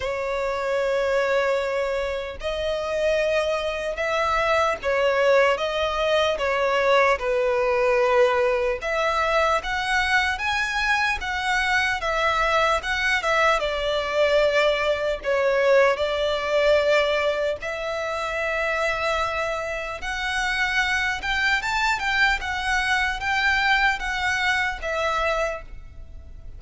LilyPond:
\new Staff \with { instrumentName = "violin" } { \time 4/4 \tempo 4 = 75 cis''2. dis''4~ | dis''4 e''4 cis''4 dis''4 | cis''4 b'2 e''4 | fis''4 gis''4 fis''4 e''4 |
fis''8 e''8 d''2 cis''4 | d''2 e''2~ | e''4 fis''4. g''8 a''8 g''8 | fis''4 g''4 fis''4 e''4 | }